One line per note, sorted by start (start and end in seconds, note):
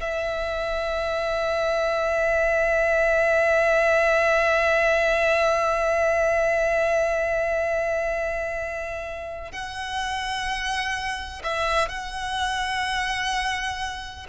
0.00 9.52 E5
9.52 11.42 F#5
11.43 11.88 E5
11.88 14.26 F#5